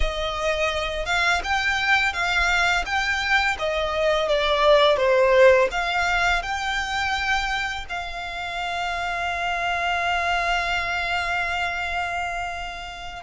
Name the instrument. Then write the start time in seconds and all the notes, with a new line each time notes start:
violin
0.00 D#5
1.05 F5
1.43 G5
2.13 F5
2.85 G5
3.58 D#5
4.28 D5
4.96 C5
5.71 F5
6.42 G5
7.89 F5